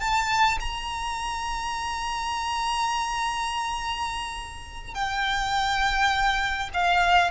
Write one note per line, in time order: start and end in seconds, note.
0.00 0.58 A5
0.60 4.95 A#5
4.95 6.69 G5
6.74 7.31 F5